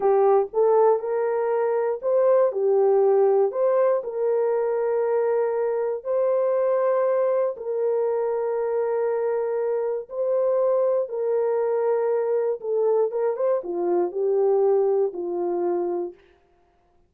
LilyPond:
\new Staff \with { instrumentName = "horn" } { \time 4/4 \tempo 4 = 119 g'4 a'4 ais'2 | c''4 g'2 c''4 | ais'1 | c''2. ais'4~ |
ais'1 | c''2 ais'2~ | ais'4 a'4 ais'8 c''8 f'4 | g'2 f'2 | }